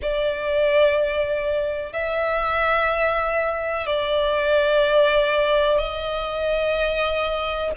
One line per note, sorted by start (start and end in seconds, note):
0.01 1.93 D5
1.93 3.86 E5
3.86 5.78 D5
5.78 7.72 D#5